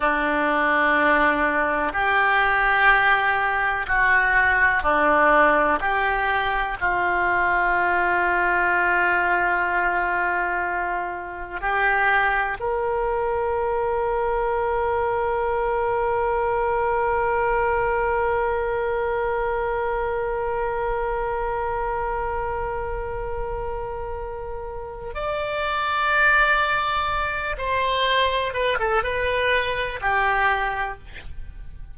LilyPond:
\new Staff \with { instrumentName = "oboe" } { \time 4/4 \tempo 4 = 62 d'2 g'2 | fis'4 d'4 g'4 f'4~ | f'1 | g'4 ais'2.~ |
ais'1~ | ais'1~ | ais'2 d''2~ | d''8 c''4 b'16 a'16 b'4 g'4 | }